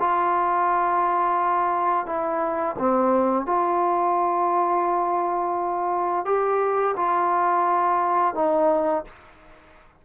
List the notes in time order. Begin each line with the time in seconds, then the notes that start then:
0.00 F4
2.06 E4
2.79 C4
3.46 F4
6.26 G4
6.97 F4
8.35 D#4